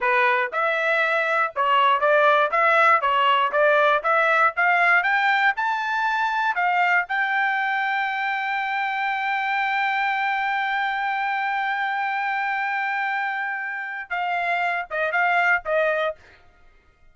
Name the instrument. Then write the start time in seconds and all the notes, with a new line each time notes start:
trumpet
0.00 B4
0.52 E5
1.55 C#5
2.00 D5
2.51 E5
3.01 C#5
3.52 D5
4.03 E5
4.56 F5
5.03 G5
5.56 A5
6.55 F5
7.08 G5
14.09 F5
14.90 D#5
15.11 F5
15.65 D#5